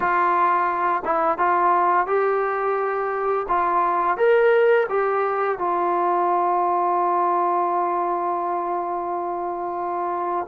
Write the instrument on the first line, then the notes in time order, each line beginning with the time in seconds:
trombone
0.00 F4
1.04 E4
1.38 F4
2.06 G4
3.48 F4
4.17 A#4
4.89 G4
5.58 F4